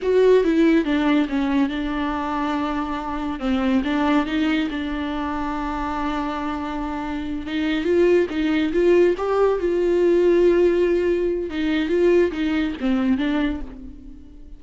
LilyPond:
\new Staff \with { instrumentName = "viola" } { \time 4/4 \tempo 4 = 141 fis'4 e'4 d'4 cis'4 | d'1 | c'4 d'4 dis'4 d'4~ | d'1~ |
d'4. dis'4 f'4 dis'8~ | dis'8 f'4 g'4 f'4.~ | f'2. dis'4 | f'4 dis'4 c'4 d'4 | }